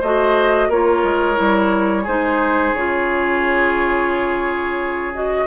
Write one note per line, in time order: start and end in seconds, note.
0.00 0.68 A3
0.00 0.71 F#4
0.00 0.68 C5
0.00 0.70 D#5
0.68 1.02 A#3
0.68 1.35 F4
0.68 2.03 A#4
0.68 2.07 C#5
1.03 1.37 G#3
1.35 2.07 G3
1.35 2.03 E4
2.03 2.73 G#3
2.03 2.76 D#4
2.03 5.43 G#4
2.03 2.74 C5
2.73 5.45 C#3
2.73 5.13 F4
2.73 5.13 C#5
5.13 5.47 F#4
5.13 5.47 D#5